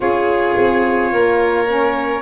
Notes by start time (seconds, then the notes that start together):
0.00 C#4 F4 G#4 C#5
0.57 C4
1.12 A#3 A#4
1.66 C#4